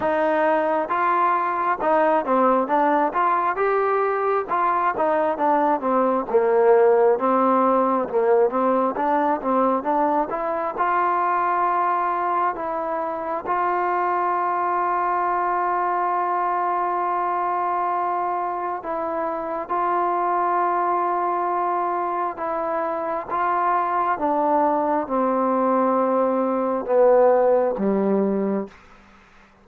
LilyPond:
\new Staff \with { instrumentName = "trombone" } { \time 4/4 \tempo 4 = 67 dis'4 f'4 dis'8 c'8 d'8 f'8 | g'4 f'8 dis'8 d'8 c'8 ais4 | c'4 ais8 c'8 d'8 c'8 d'8 e'8 | f'2 e'4 f'4~ |
f'1~ | f'4 e'4 f'2~ | f'4 e'4 f'4 d'4 | c'2 b4 g4 | }